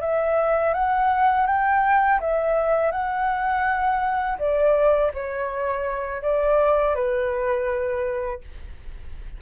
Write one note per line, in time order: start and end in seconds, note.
0.00 0.73 E5
0.73 1.46 F#5
1.46 2.20 G5
2.20 2.91 E5
2.91 4.37 F#5
4.38 5.12 D5
5.13 6.21 C#5
6.21 6.94 D5
6.94 8.41 B4